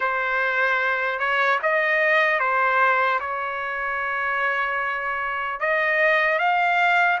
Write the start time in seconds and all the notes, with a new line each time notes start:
0.00 C5
1.19 C#5
1.62 D#5
2.39 C5
3.20 C#5
5.60 D#5
6.38 F5